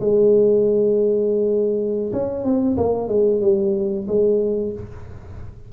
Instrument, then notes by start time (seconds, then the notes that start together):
tuba
0.00 G#3
2.12 C#4
2.44 C4
2.77 A#3
3.08 G#3
3.41 G3
4.07 G#3